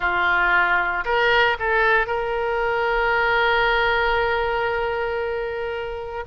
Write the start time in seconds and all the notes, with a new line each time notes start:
0.00 F4
1.04 A#4
1.59 A4
2.07 A#4